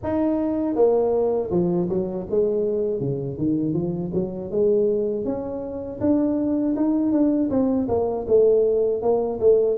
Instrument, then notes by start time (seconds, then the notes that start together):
tuba
0.03 D#4
0.75 A#3
1.50 F3
1.89 F#3
2.30 G#3
3.00 C#3
3.38 D#3
3.73 F3
4.13 F#3
4.50 G#3
5.24 C#4
6.00 D4
6.75 D#4
7.12 D4
7.50 C4
7.88 A#3
8.27 A3
9.02 A#3
9.40 A3